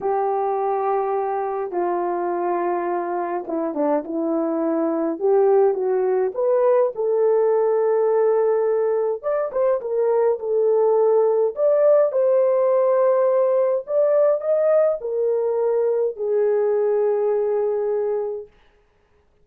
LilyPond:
\new Staff \with { instrumentName = "horn" } { \time 4/4 \tempo 4 = 104 g'2. f'4~ | f'2 e'8 d'8 e'4~ | e'4 g'4 fis'4 b'4 | a'1 |
d''8 c''8 ais'4 a'2 | d''4 c''2. | d''4 dis''4 ais'2 | gis'1 | }